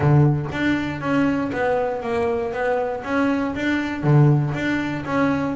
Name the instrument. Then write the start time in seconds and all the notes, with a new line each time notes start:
double bass
0.00 D3
0.52 D4
1.01 C#4
1.52 B3
2.02 A#3
2.52 B3
3.04 C#4
3.55 D4
4.03 D3
4.54 D4
5.05 C#4